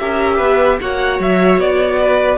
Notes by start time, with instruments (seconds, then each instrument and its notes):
0.00 cello C#4, viola G4, violin A#4 E5
0.37 cello B3, violin B4
0.81 cello A#3, viola F#4, violin C#5 F#5
1.20 cello F#3, violin E5
1.58 cello B3, violin D5
2.02 violin B4